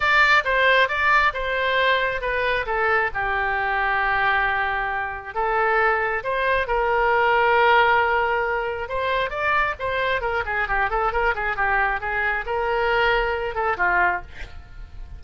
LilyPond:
\new Staff \with { instrumentName = "oboe" } { \time 4/4 \tempo 4 = 135 d''4 c''4 d''4 c''4~ | c''4 b'4 a'4 g'4~ | g'1 | a'2 c''4 ais'4~ |
ais'1 | c''4 d''4 c''4 ais'8 gis'8 | g'8 a'8 ais'8 gis'8 g'4 gis'4 | ais'2~ ais'8 a'8 f'4 | }